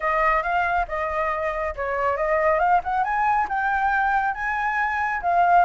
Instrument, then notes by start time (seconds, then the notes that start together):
flute
0.00 D#5
0.42 F5
0.88 D#5
1.75 C#5
2.17 D#5
2.59 F5
2.83 F#5
3.04 G#5
3.48 G5
4.34 G#5
5.22 F5